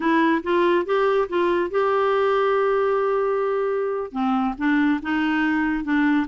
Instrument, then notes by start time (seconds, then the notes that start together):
clarinet
0.00 E4
0.43 F4
0.85 G4
1.28 F4
1.70 G4
4.12 C4
4.57 D4
5.02 D#4
5.84 D4